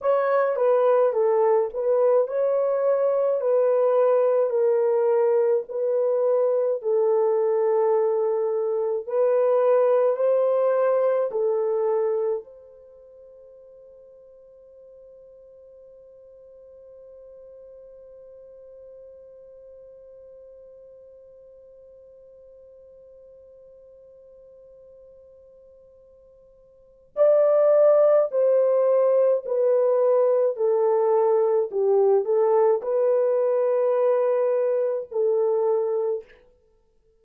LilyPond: \new Staff \with { instrumentName = "horn" } { \time 4/4 \tempo 4 = 53 cis''8 b'8 a'8 b'8 cis''4 b'4 | ais'4 b'4 a'2 | b'4 c''4 a'4 c''4~ | c''1~ |
c''1~ | c''1 | d''4 c''4 b'4 a'4 | g'8 a'8 b'2 a'4 | }